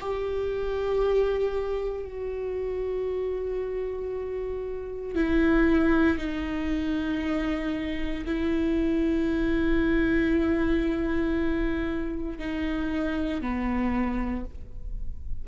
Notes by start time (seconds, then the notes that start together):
0.00 G4
2.05 F#4
5.15 E4
6.18 D#4
8.26 E4
12.39 D#4
13.42 B3